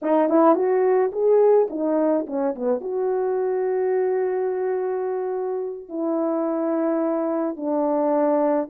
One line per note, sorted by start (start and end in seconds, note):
0.02 0.29 D#4
0.29 0.55 E4
0.55 1.11 F#4
1.12 1.68 G#4
1.69 2.26 D#4
2.27 2.55 C#4
2.55 2.80 B3
2.80 5.89 F#4
5.89 7.56 E4
7.56 8.68 D4